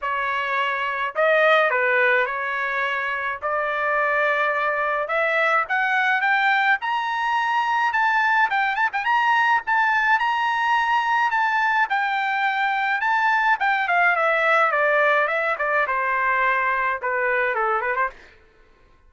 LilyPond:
\new Staff \with { instrumentName = "trumpet" } { \time 4/4 \tempo 4 = 106 cis''2 dis''4 b'4 | cis''2 d''2~ | d''4 e''4 fis''4 g''4 | ais''2 a''4 g''8 a''16 g''16 |
ais''4 a''4 ais''2 | a''4 g''2 a''4 | g''8 f''8 e''4 d''4 e''8 d''8 | c''2 b'4 a'8 b'16 c''16 | }